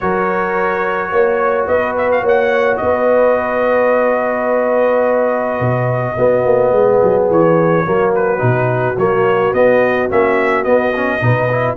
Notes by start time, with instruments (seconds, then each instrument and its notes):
0.00 tuba F#3, trombone F#4, horn A#4, trumpet C#5
1.11 tuba A#3, horn C#5
1.67 tuba B3, horn B4, trumpet D#5
1.97 trumpet E5
2.11 trumpet F5
2.22 tuba A#3, horn C#5, trumpet F#5
2.77 tuba B3, trumpet D#5
2.84 horn B4
5.60 tuba B2
6.16 tuba B3, trombone B3, horn F#4
6.45 tuba A#3
6.71 tuba G#3, horn G#4
7.02 tuba F#3
7.30 tuba E3, trumpet C#5
7.85 tuba F#3, trombone A#3, horn F#4
8.14 trumpet B4
8.38 tuba B2, trombone D#4
8.96 tuba F#3, trombone A#3, trumpet C#5
9.53 tuba B3, trombone B3, trumpet D#5
10.09 tuba A#3, trombone C#4, trumpet E5
10.63 trombone B3, tuba B3, trumpet D#5
10.95 trombone C#4
11.20 tuba B2, trombone D#4, horn B4
11.50 trombone E4